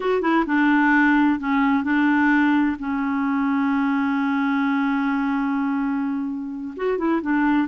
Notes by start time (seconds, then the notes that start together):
0.00 F#4
0.21 E4
0.46 D4
1.39 C#4
1.83 D4
2.79 C#4
6.76 F#4
6.98 E4
7.21 D4